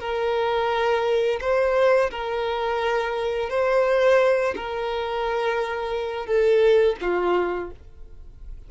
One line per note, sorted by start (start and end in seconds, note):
0.00 1.40 A#4
1.41 2.11 C5
2.11 3.50 A#4
3.50 4.54 C5
4.56 6.26 A#4
6.26 6.96 A4
7.01 7.71 F4